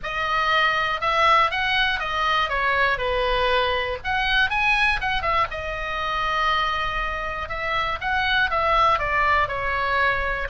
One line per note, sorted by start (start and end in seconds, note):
0.03 1.00 D#5
1.00 1.50 E5
1.50 1.99 F#5
1.99 2.49 D#5
2.49 2.98 C#5
2.98 3.98 B4
4.03 4.50 F#5
4.50 5.00 G#5
5.00 5.21 F#5
5.21 5.46 E5
5.50 7.48 D#5
7.48 7.98 E5
8.00 8.50 F#5
8.50 8.98 E5
8.98 9.47 D5
9.47 10.47 C#5